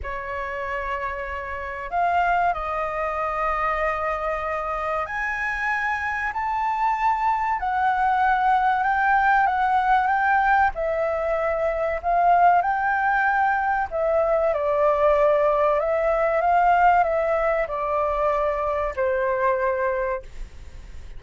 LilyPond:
\new Staff \with { instrumentName = "flute" } { \time 4/4 \tempo 4 = 95 cis''2. f''4 | dis''1 | gis''2 a''2 | fis''2 g''4 fis''4 |
g''4 e''2 f''4 | g''2 e''4 d''4~ | d''4 e''4 f''4 e''4 | d''2 c''2 | }